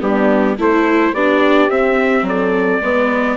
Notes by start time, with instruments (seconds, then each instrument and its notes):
0.00 bassoon G3, viola B3, horn D4, trumpet G4
0.58 bassoon A3, viola E4, horn A4, trumpet C5
1.13 bassoon B3, viola D4, horn G4, trumpet D5
1.69 viola C4, bassoon C4, trumpet E5
2.22 bassoon F#3, horn A4
2.28 trumpet D5
2.81 bassoon G#3, viola B3, horn B4